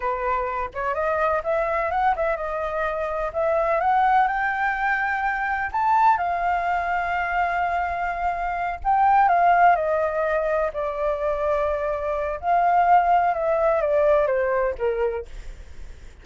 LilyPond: \new Staff \with { instrumentName = "flute" } { \time 4/4 \tempo 4 = 126 b'4. cis''8 dis''4 e''4 | fis''8 e''8 dis''2 e''4 | fis''4 g''2. | a''4 f''2.~ |
f''2~ f''8 g''4 f''8~ | f''8 dis''2 d''4.~ | d''2 f''2 | e''4 d''4 c''4 ais'4 | }